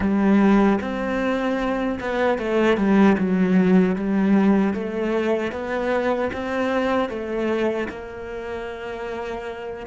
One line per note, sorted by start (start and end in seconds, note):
0.00 0.79 G3
0.80 1.99 C4
2.00 2.38 B3
2.38 2.77 A3
2.77 3.16 G3
3.18 3.95 F#3
3.95 4.73 G3
4.73 5.52 A3
5.52 6.31 B3
6.33 7.09 C4
7.09 7.88 A3
7.89 9.86 A#3